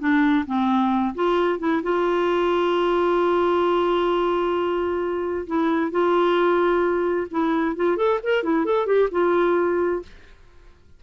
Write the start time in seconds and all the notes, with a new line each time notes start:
0.00 D4
0.47 C4
1.15 F4
1.60 E4
1.83 F4
5.47 E4
5.91 F4
7.31 E4
7.76 F4
7.97 A4
8.23 A#4
8.44 E4
8.65 A4
8.87 G4
9.12 F4